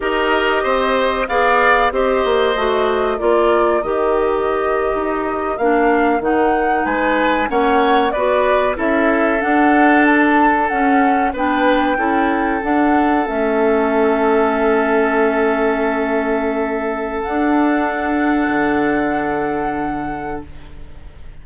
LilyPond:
<<
  \new Staff \with { instrumentName = "flute" } { \time 4/4 \tempo 4 = 94 dis''2 f''4 dis''4~ | dis''4 d''4 dis''2~ | dis''8. f''4 fis''4 gis''4 fis''16~ | fis''8. d''4 e''4 fis''4 a''16~ |
a''8. fis''4 g''2 fis''16~ | fis''8. e''2.~ e''16~ | e''2. fis''4~ | fis''1 | }
  \new Staff \with { instrumentName = "oboe" } { \time 4/4 ais'4 c''4 d''4 c''4~ | c''4 ais'2.~ | ais'2~ ais'8. b'4 cis''16~ | cis''8. b'4 a'2~ a'16~ |
a'4.~ a'16 b'4 a'4~ a'16~ | a'1~ | a'1~ | a'1 | }
  \new Staff \with { instrumentName = "clarinet" } { \time 4/4 g'2 gis'4 g'4 | fis'4 f'4 g'2~ | g'8. d'4 dis'2 cis'16~ | cis'8. fis'4 e'4 d'4~ d'16~ |
d'8. cis'4 d'4 e'4 d'16~ | d'8. cis'2.~ cis'16~ | cis'2. d'4~ | d'1 | }
  \new Staff \with { instrumentName = "bassoon" } { \time 4/4 dis'4 c'4 b4 c'8 ais8 | a4 ais4 dis4.~ dis16 dis'16~ | dis'8. ais4 dis4 gis4 ais16~ | ais8. b4 cis'4 d'4~ d'16~ |
d'8. cis'4 b4 cis'4 d'16~ | d'8. a2.~ a16~ | a2. d'4~ | d'4 d2. | }
>>